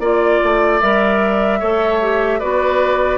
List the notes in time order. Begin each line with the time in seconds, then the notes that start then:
0.00 A#3 F4 D5
0.43 A3
0.81 G3 A#4 E5
1.60 A3 A4 C#5
2.02 G4
2.40 B3 F#4 B4 D5